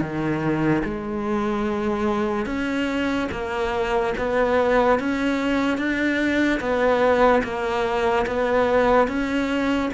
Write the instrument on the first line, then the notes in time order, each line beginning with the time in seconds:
cello
0.00 D#3
0.84 G#3
2.45 C#4
3.31 A#3
4.17 B3
4.99 C#4
5.77 D4
6.60 B3
7.43 A#3
8.26 B3
9.07 C#4